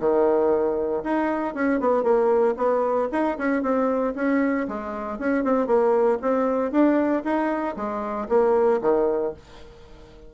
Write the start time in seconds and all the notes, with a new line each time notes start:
0.00 D#3
1.04 D#4
1.55 C#4
1.80 B3
2.03 A#3
2.57 B3
3.12 D#4
3.38 C#4
3.63 C4
4.15 C#4
4.68 G#3
5.19 C#4
5.44 C4
5.67 A#3
6.22 C4
6.72 D4
7.24 D#4
7.77 G#3
8.29 A#3
8.82 D#3